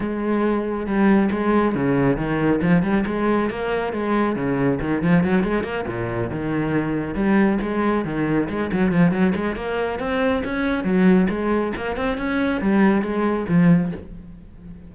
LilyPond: \new Staff \with { instrumentName = "cello" } { \time 4/4 \tempo 4 = 138 gis2 g4 gis4 | cis4 dis4 f8 g8 gis4 | ais4 gis4 cis4 dis8 f8 | fis8 gis8 ais8 ais,4 dis4.~ |
dis8 g4 gis4 dis4 gis8 | fis8 f8 fis8 gis8 ais4 c'4 | cis'4 fis4 gis4 ais8 c'8 | cis'4 g4 gis4 f4 | }